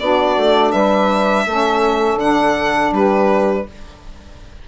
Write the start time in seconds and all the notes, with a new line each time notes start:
0.00 B3 D4 F#4 D5
0.37 A3
0.72 G3 B4 E5
1.46 A3 C#4 A4
2.16 D3 D4 F#5
2.92 G3 G4 B4